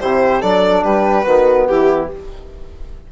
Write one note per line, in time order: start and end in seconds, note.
0.00 0.42 C3
0.00 0.41 E4
0.00 0.40 G4
0.00 0.41 C5
0.40 0.84 F#3
0.40 1.25 D4
0.40 0.82 A4
0.40 0.83 D5
0.83 1.25 G3
0.83 1.24 G4
0.83 1.66 B4
1.24 1.68 D#3
1.24 2.08 B3
1.24 1.65 F#4
1.66 2.12 E3
1.66 2.12 E4
1.66 2.08 G4